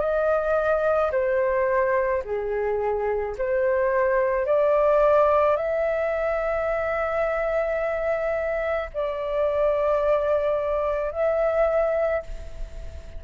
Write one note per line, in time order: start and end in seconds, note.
0.00 1.11 D#5
1.12 2.23 C5
2.24 3.35 G#4
3.37 4.46 C5
4.46 5.57 D5
5.57 8.90 E5
8.93 11.12 D5
11.12 12.23 E5